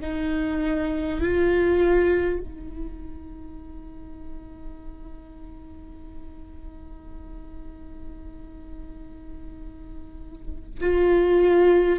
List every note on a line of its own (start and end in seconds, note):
0.00 1.20 D#4
1.20 2.39 F4
2.39 10.79 D#4
10.80 11.99 F4